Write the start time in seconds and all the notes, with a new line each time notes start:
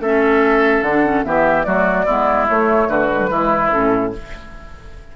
0.00 A3 C#4 A4 E5
0.82 D3 D4 F#5
1.05 C#4
1.24 E3 B3 G4 E5
1.64 F#3 A3 F#4 D5
2.06 G#3 B3 E4
2.48 A3 C#5
2.89 D3 F#4 B4
3.11 G#3
3.21 F#3
3.30 E3 G#3 E4
3.71 A2 C#4 A4